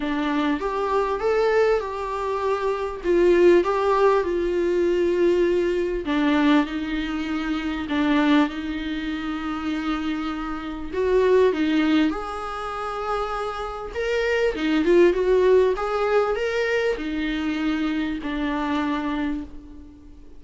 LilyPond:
\new Staff \with { instrumentName = "viola" } { \time 4/4 \tempo 4 = 99 d'4 g'4 a'4 g'4~ | g'4 f'4 g'4 f'4~ | f'2 d'4 dis'4~ | dis'4 d'4 dis'2~ |
dis'2 fis'4 dis'4 | gis'2. ais'4 | dis'8 f'8 fis'4 gis'4 ais'4 | dis'2 d'2 | }